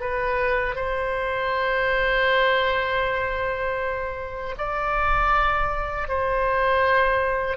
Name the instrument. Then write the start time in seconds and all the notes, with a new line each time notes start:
oboe
0.00 B4
0.75 C5
4.57 D5
6.08 C5